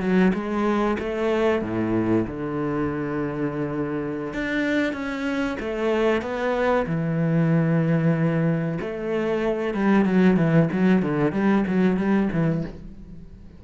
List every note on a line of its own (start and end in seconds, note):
0.00 0.32 F#3
0.34 0.97 G#3
0.99 1.62 A3
1.62 2.25 A2
2.27 4.33 D3
4.33 4.93 D4
4.93 5.57 C#4
5.60 6.22 A3
6.22 6.86 B3
6.86 8.78 E3
8.81 9.74 A3
9.74 10.05 G3
10.05 10.37 F#3
10.37 10.69 E3
10.72 11.02 F#3
11.02 11.32 D3
11.32 11.64 G3
11.68 11.97 F#3
11.97 12.29 G3
12.32 12.64 E3